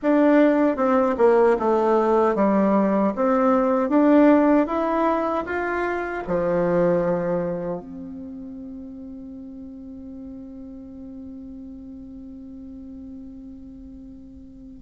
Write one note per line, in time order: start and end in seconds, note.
0.02 0.76 D4
0.76 1.15 C4
1.17 1.56 A#3
1.59 2.35 A3
2.35 3.13 G3
3.15 3.89 C4
3.89 4.66 D4
4.66 5.44 E4
5.45 6.23 F4
6.27 7.80 F3
7.80 14.81 C4